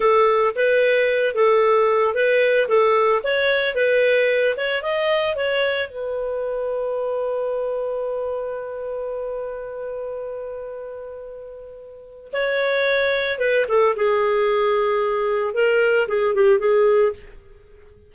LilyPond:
\new Staff \with { instrumentName = "clarinet" } { \time 4/4 \tempo 4 = 112 a'4 b'4. a'4. | b'4 a'4 cis''4 b'4~ | b'8 cis''8 dis''4 cis''4 b'4~ | b'1~ |
b'1~ | b'2. cis''4~ | cis''4 b'8 a'8 gis'2~ | gis'4 ais'4 gis'8 g'8 gis'4 | }